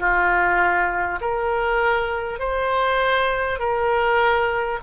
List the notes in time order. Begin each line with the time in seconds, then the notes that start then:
0.00 F4
1.21 A#4
2.39 C5
3.59 A#4